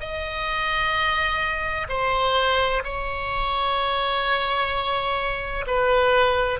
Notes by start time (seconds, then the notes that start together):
0.00 D#5
1.89 C5
2.84 C#5
5.67 B4